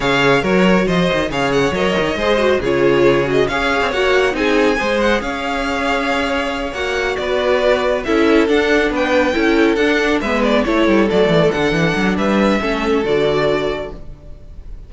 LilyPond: <<
  \new Staff \with { instrumentName = "violin" } { \time 4/4 \tempo 4 = 138 f''4 cis''4 dis''4 f''8 fis''8 | dis''2 cis''4. dis''8 | f''4 fis''4 gis''4. fis''8 | f''2.~ f''8 fis''8~ |
fis''8 d''2 e''4 fis''8~ | fis''8 g''2 fis''4 e''8 | d''8 cis''4 d''4 fis''4. | e''2 d''2 | }
  \new Staff \with { instrumentName = "violin" } { \time 4/4 cis''4 ais'4 c''4 cis''4~ | cis''4 c''4 gis'2 | cis''2 gis'4 c''4 | cis''1~ |
cis''8 b'2 a'4.~ | a'8 b'4 a'2 b'8~ | b'8 a'2.~ a'8 | b'4 a'2. | }
  \new Staff \with { instrumentName = "viola" } { \time 4/4 gis'4 fis'2 gis'4 | ais'4 gis'8 fis'8 f'4. fis'8 | gis'4 fis'4 dis'4 gis'4~ | gis'2.~ gis'8 fis'8~ |
fis'2~ fis'8 e'4 d'8~ | d'4. e'4 d'4 b8~ | b8 e'4 a4 d'4.~ | d'4 cis'4 fis'2 | }
  \new Staff \with { instrumentName = "cello" } { \time 4/4 cis4 fis4 f8 dis8 cis4 | fis8 dis8 gis4 cis2 | cis'8. c'16 ais4 c'4 gis4 | cis'2.~ cis'8 ais8~ |
ais8 b2 cis'4 d'8~ | d'8 b4 cis'4 d'4 gis8~ | gis8 a8 g8 fis8 e8 d8 e8 fis8 | g4 a4 d2 | }
>>